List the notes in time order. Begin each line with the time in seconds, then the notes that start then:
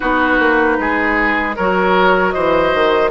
0.00 B3 D#4 F#4 B4
0.39 A#3
0.79 G#3 G#4
1.56 F#3 F#4 A#4 C#5
2.31 E3 C5 D#5
2.74 D#3